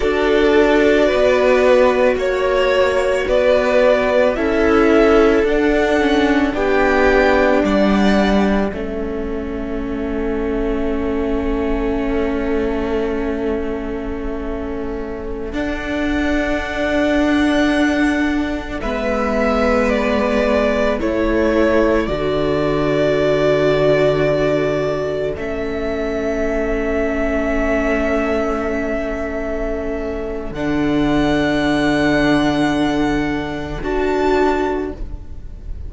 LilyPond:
<<
  \new Staff \with { instrumentName = "violin" } { \time 4/4 \tempo 4 = 55 d''2 cis''4 d''4 | e''4 fis''4 g''4 fis''4 | e''1~ | e''2~ e''16 fis''4.~ fis''16~ |
fis''4~ fis''16 e''4 d''4 cis''8.~ | cis''16 d''2. e''8.~ | e''1 | fis''2. a''4 | }
  \new Staff \with { instrumentName = "violin" } { \time 4/4 a'4 b'4 cis''4 b'4 | a'2 g'4 d''4 | a'1~ | a'1~ |
a'4~ a'16 b'2 a'8.~ | a'1~ | a'1~ | a'1 | }
  \new Staff \with { instrumentName = "viola" } { \time 4/4 fis'1 | e'4 d'8 cis'8 d'2 | cis'1~ | cis'2~ cis'16 d'4.~ d'16~ |
d'4~ d'16 b2 e'8.~ | e'16 fis'2. cis'8.~ | cis'1 | d'2. fis'4 | }
  \new Staff \with { instrumentName = "cello" } { \time 4/4 d'4 b4 ais4 b4 | cis'4 d'4 b4 g4 | a1~ | a2~ a16 d'4.~ d'16~ |
d'4~ d'16 gis2 a8.~ | a16 d2. a8.~ | a1 | d2. d'4 | }
>>